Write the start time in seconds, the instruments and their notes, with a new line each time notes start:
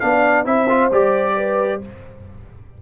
0.00 tuba B3, trombone D4, horn D5, trumpet F5
0.45 tuba C4, trombone E4, horn C5, trumpet E5
0.69 trombone F4
0.91 tuba G3, trombone G4, trumpet D5
1.37 horn B4